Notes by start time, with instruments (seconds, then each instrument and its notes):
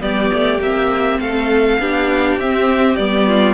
0.00 cello G3, viola B3, violin G4 D5
0.33 cello A3
0.59 cello A#3, viola C4, violin E5
1.19 cello A3, violin A4 F5
1.79 cello B3, viola D4, violin G4
2.37 cello C4, viola C4, violin E5
2.96 cello G3, viola B3, violin D5
3.27 violin F4